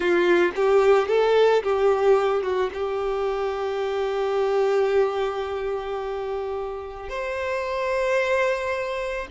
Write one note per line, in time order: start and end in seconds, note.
0.00 0.51 F4
0.55 1.08 G4
1.08 1.62 A4
1.63 2.42 G4
2.42 2.70 F#4
2.73 7.09 G4
7.09 9.27 C5